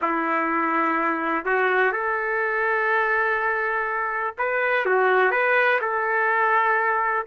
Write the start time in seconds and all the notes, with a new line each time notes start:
0.01 E4
1.45 F#4
1.92 A4
4.37 B4
4.85 F#4
5.31 B4
5.81 A4